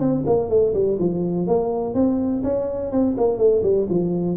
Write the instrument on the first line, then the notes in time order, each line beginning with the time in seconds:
tuba
0.00 C4
0.27 A#3
0.50 A3
0.74 G3
0.99 F3
1.47 A#3
1.94 C4
2.44 C#4
2.92 C4
3.18 A#3
3.38 A3
3.63 G3
3.90 F3